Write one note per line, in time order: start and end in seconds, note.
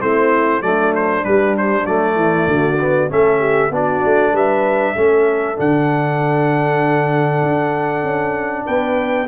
0.00 0.61 A3
0.00 0.61 C4
0.00 0.62 E4
0.00 0.62 C5
0.61 1.23 F#3
0.61 1.22 A3
0.61 2.18 D4
0.61 0.93 D5
0.95 1.24 C5
1.22 1.84 G3
1.22 1.85 G3
1.22 1.55 B4
1.57 1.86 C5
1.85 2.15 F#3
1.85 2.78 A3
1.85 3.10 D5
2.15 2.46 E3
2.15 2.48 E4
2.47 3.09 D3
2.47 3.10 F#4
2.79 3.09 B3
3.09 3.70 A3
3.09 3.71 C#4
3.09 3.39 A4
3.09 3.73 E5
3.39 3.70 G4
3.70 4.01 B3
3.70 4.95 D4
3.70 4.32 F#4
3.70 4.36 D5
4.04 4.32 A3
4.32 4.94 G3
4.32 4.94 B4
4.32 5.60 E5
4.95 5.58 A3
4.95 5.56 C#4
4.95 8.65 A4
5.56 7.42 D3
5.56 9.27 D4
5.56 8.66 F#5
7.42 8.03 D4
8.03 8.65 C#4
8.65 9.28 B3
8.65 9.27 B4
8.65 9.28 G5